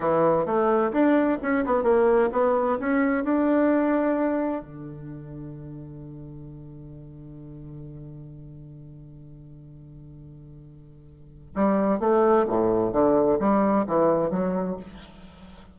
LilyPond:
\new Staff \with { instrumentName = "bassoon" } { \time 4/4 \tempo 4 = 130 e4 a4 d'4 cis'8 b8 | ais4 b4 cis'4 d'4~ | d'2 d2~ | d1~ |
d1~ | d1~ | d4 g4 a4 a,4 | d4 g4 e4 fis4 | }